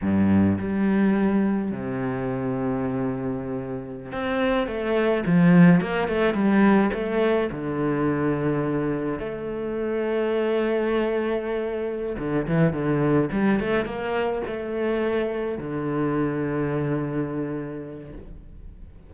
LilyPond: \new Staff \with { instrumentName = "cello" } { \time 4/4 \tempo 4 = 106 g,4 g2 c4~ | c2.~ c16 c'8.~ | c'16 a4 f4 ais8 a8 g8.~ | g16 a4 d2~ d8.~ |
d16 a2.~ a8.~ | a4. d8 e8 d4 g8 | a8 ais4 a2 d8~ | d1 | }